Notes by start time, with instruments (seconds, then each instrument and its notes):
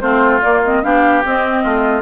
0.00 bassoon A3, clarinet C4, oboe F4, flute C5
0.41 clarinet A#3, bassoon A#3, flute D5
0.63 clarinet C4, flute D#5
0.83 bassoon B3, clarinet D4, oboe G4, flute F5
1.25 clarinet C4, bassoon C4, flute D#5
1.63 bassoon A3, oboe F4